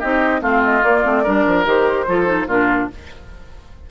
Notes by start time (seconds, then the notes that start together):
0.00 C4 D#4 G4 D#5
0.41 A3 C4 F4 F5
0.64 D#5
0.84 A#3 D5
1.04 A3 C4
1.24 G3 D4 A#4
1.47 F3
1.65 D#3 G4 C5
2.08 F3 F4 A4
2.26 D#4
2.47 A#2 D4 F4 A#4